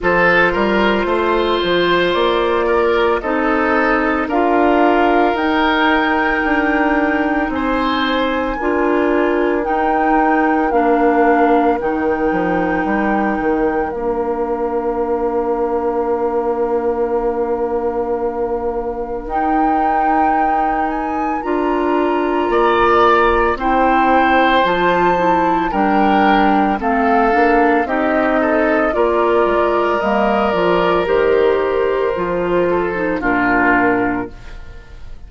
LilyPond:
<<
  \new Staff \with { instrumentName = "flute" } { \time 4/4 \tempo 4 = 56 c''2 d''4 dis''4 | f''4 g''2 gis''4~ | gis''4 g''4 f''4 g''4~ | g''4 f''2.~ |
f''2 g''4. gis''8 | ais''2 g''4 a''4 | g''4 f''4 dis''4 d''4 | dis''8 d''8 c''2 ais'4 | }
  \new Staff \with { instrumentName = "oboe" } { \time 4/4 a'8 ais'8 c''4. ais'8 a'4 | ais'2. c''4 | ais'1~ | ais'1~ |
ais'1~ | ais'4 d''4 c''2 | ais'4 a'4 g'8 a'8 ais'4~ | ais'2~ ais'8 a'8 f'4 | }
  \new Staff \with { instrumentName = "clarinet" } { \time 4/4 f'2. dis'4 | f'4 dis'2. | f'4 dis'4 d'4 dis'4~ | dis'4 d'2.~ |
d'2 dis'2 | f'2 e'4 f'8 e'8 | d'4 c'8 d'8 dis'4 f'4 | ais8 f'8 g'4 f'8. dis'16 d'4 | }
  \new Staff \with { instrumentName = "bassoon" } { \time 4/4 f8 g8 a8 f8 ais4 c'4 | d'4 dis'4 d'4 c'4 | d'4 dis'4 ais4 dis8 f8 | g8 dis8 ais2.~ |
ais2 dis'2 | d'4 ais4 c'4 f4 | g4 a8 ais8 c'4 ais8 gis8 | g8 f8 dis4 f4 ais,4 | }
>>